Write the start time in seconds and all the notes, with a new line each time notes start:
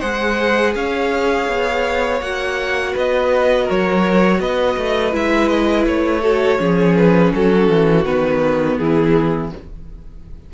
0.00 G#3 G#4 C5 F#5
0.75 C#4 C#5 F5
1.49 B3
2.21 A#3 F#4 F#5
2.93 B3 B4 D#5
3.64 A#4 C#5
3.71 F#3
4.40 B3 B4 D#5
4.78 A3
5.12 G#3 E4 E5
5.49 D#5
5.86 A3 C#5
6.22 F#4 A4
6.59 F3 C#4 G#4
6.97 B4
7.35 F#3 F#4 A4
7.69 E3
8.05 D#3 B3 B4
8.78 E3 E4 G#4